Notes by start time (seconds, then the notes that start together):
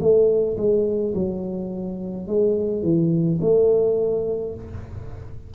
0.00 A3
0.57 G#3
1.14 F#3
2.27 G#3
2.83 E3
3.41 A3